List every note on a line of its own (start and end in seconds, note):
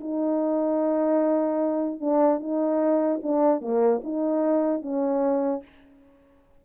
0.00 2.00 D#4
2.00 2.40 D4
2.40 3.20 D#4
3.23 3.61 D4
3.61 4.01 A#3
4.03 4.82 D#4
4.82 5.62 C#4